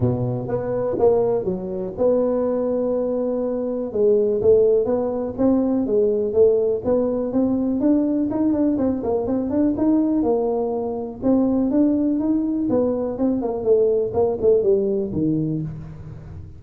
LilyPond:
\new Staff \with { instrumentName = "tuba" } { \time 4/4 \tempo 4 = 123 b,4 b4 ais4 fis4 | b1 | gis4 a4 b4 c'4 | gis4 a4 b4 c'4 |
d'4 dis'8 d'8 c'8 ais8 c'8 d'8 | dis'4 ais2 c'4 | d'4 dis'4 b4 c'8 ais8 | a4 ais8 a8 g4 dis4 | }